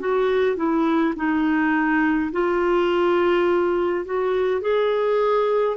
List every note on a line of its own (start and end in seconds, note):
0.00 0.57 F#4
0.57 1.14 E4
1.16 2.31 D#4
2.32 4.05 F4
4.05 4.62 F#4
4.62 5.77 G#4